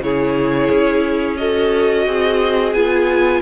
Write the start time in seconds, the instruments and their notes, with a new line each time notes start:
0.00 cello C#3, viola E4, violin G#4 C#5
0.70 cello C#4
1.37 viola F#4, violin A4 D#5
2.06 cello C4, violin G#4
2.73 cello B3, viola F4, violin G#5